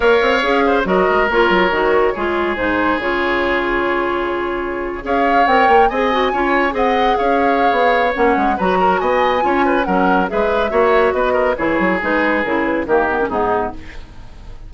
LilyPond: <<
  \new Staff \with { instrumentName = "flute" } { \time 4/4 \tempo 4 = 140 f''2 dis''4 cis''4~ | cis''2 c''4 cis''4~ | cis''2.~ cis''8. f''16~ | f''8. g''4 gis''2 fis''16~ |
fis''8. f''2~ f''16 fis''4 | ais''4 gis''2 fis''4 | e''2 dis''4 cis''4 | b'4 ais'8 b'8 ais'4 gis'4 | }
  \new Staff \with { instrumentName = "oboe" } { \time 4/4 cis''4. c''8 ais'2~ | ais'4 gis'2.~ | gis'2.~ gis'8. cis''16~ | cis''4.~ cis''16 dis''4 cis''4 dis''16~ |
dis''8. cis''2.~ cis''16 | b'8 ais'8 dis''4 cis''8 b'8 ais'4 | b'4 cis''4 b'8 ais'8 gis'4~ | gis'2 g'4 dis'4 | }
  \new Staff \with { instrumentName = "clarinet" } { \time 4/4 ais'4 gis'4 fis'4 f'4 | fis'4 f'4 dis'4 f'4~ | f'2.~ f'8. gis'16~ | gis'8. ais'4 gis'8 fis'8 f'4 gis'16~ |
gis'2. cis'4 | fis'2 f'4 cis'4 | gis'4 fis'2 e'4 | dis'4 e'4 ais8 b16 cis'16 b4 | }
  \new Staff \with { instrumentName = "bassoon" } { \time 4/4 ais8 c'8 cis'4 fis8 gis8 ais8 fis8 | dis4 gis4 gis,4 cis4~ | cis2.~ cis8. cis'16~ | cis'8. c'8 ais8 c'4 cis'4 c'16~ |
c'8. cis'4~ cis'16 b4 ais8 gis8 | fis4 b4 cis'4 fis4 | gis4 ais4 b4 e8 fis8 | gis4 cis4 dis4 gis,4 | }
>>